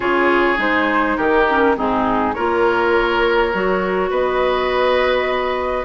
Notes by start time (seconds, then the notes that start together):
0.00 C#3 F4 G#4 C#5
0.56 G#3 D#4 C5
1.17 D#3 G4 A#4
1.49 C#4
1.75 G#2 C4 D#4 G#4
2.33 A#3 F4 A#4 C#5
3.53 F#3 F#4
4.09 B3 B4 D#5